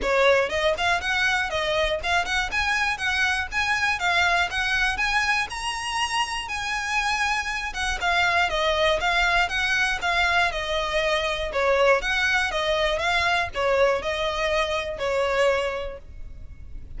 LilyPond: \new Staff \with { instrumentName = "violin" } { \time 4/4 \tempo 4 = 120 cis''4 dis''8 f''8 fis''4 dis''4 | f''8 fis''8 gis''4 fis''4 gis''4 | f''4 fis''4 gis''4 ais''4~ | ais''4 gis''2~ gis''8 fis''8 |
f''4 dis''4 f''4 fis''4 | f''4 dis''2 cis''4 | fis''4 dis''4 f''4 cis''4 | dis''2 cis''2 | }